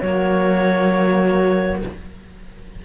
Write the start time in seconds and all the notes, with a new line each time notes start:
0.00 F#3 A#3 F#4 C#5